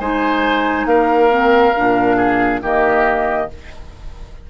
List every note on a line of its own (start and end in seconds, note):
0.00 0.86 G#3
0.00 1.30 D#4
0.00 0.87 C5
0.00 0.87 G#5
0.86 1.73 A#3
0.86 2.17 A#4
0.86 2.61 F5
1.30 1.73 C4
1.76 2.62 A#2
1.76 2.63 D4
2.17 2.60 G#4
2.62 3.49 D#3
2.62 3.50 A#3
2.62 3.50 G4
2.62 3.50 D#5